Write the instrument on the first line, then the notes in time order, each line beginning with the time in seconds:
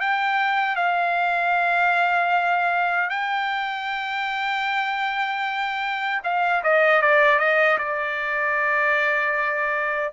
trumpet
0.00 G5
0.76 F5
3.10 G5
6.24 F5
6.63 D#5
7.02 D5
7.38 D#5
7.78 D5